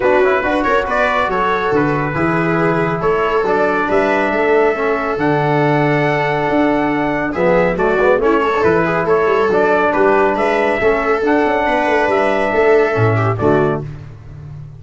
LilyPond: <<
  \new Staff \with { instrumentName = "trumpet" } { \time 4/4 \tempo 4 = 139 b'4. cis''8 d''4 cis''4 | b'2. cis''4 | d''4 e''2. | fis''1~ |
fis''4 e''4 d''4 cis''4 | b'4 cis''4 d''4 b'4 | e''2 fis''2 | e''2. d''4 | }
  \new Staff \with { instrumentName = "viola" } { \time 4/4 fis'4 b'8 ais'8 b'4 a'4~ | a'4 gis'2 a'4~ | a'4 b'4 a'2~ | a'1~ |
a'4 gis'4 fis'4 e'8 a'8~ | a'8 gis'8 a'2 g'4 | b'4 a'2 b'4~ | b'4 a'4. g'8 fis'4 | }
  \new Staff \with { instrumentName = "trombone" } { \time 4/4 d'8 e'8 fis'2.~ | fis'4 e'2. | d'2. cis'4 | d'1~ |
d'4 b4 a8 b8 cis'8. d'16 | e'2 d'2~ | d'4 cis'4 d'2~ | d'2 cis'4 a4 | }
  \new Staff \with { instrumentName = "tuba" } { \time 4/4 b8 cis'8 d'8 cis'8 b4 fis4 | d4 e2 a4 | fis4 g4 a2 | d2. d'4~ |
d'4 f4 fis8 gis8 a4 | e4 a8 g8 fis4 g4 | gis4 a4 d'8 cis'8 b8 a8 | g4 a4 a,4 d4 | }
>>